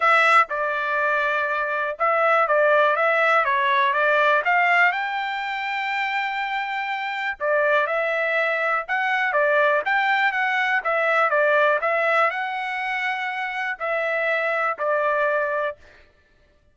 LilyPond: \new Staff \with { instrumentName = "trumpet" } { \time 4/4 \tempo 4 = 122 e''4 d''2. | e''4 d''4 e''4 cis''4 | d''4 f''4 g''2~ | g''2. d''4 |
e''2 fis''4 d''4 | g''4 fis''4 e''4 d''4 | e''4 fis''2. | e''2 d''2 | }